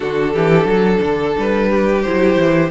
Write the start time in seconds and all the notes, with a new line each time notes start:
0.00 D3 D4 F#4 A4
0.33 E3 G4
0.64 F#3 A4
1.02 D3
1.37 G3 B4
1.69 G4
2.02 F#3 E4 C5
2.36 E3